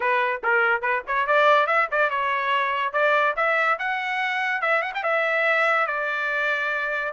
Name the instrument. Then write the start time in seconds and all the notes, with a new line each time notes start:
trumpet
0.00 B4
0.43 A#4
0.81 B4
1.07 C#5
1.26 D5
1.66 E5
1.91 D5
2.10 C#5
2.93 D5
3.36 E5
3.78 F#5
4.61 E5
4.82 F#5
4.94 G5
5.03 E5
5.86 D5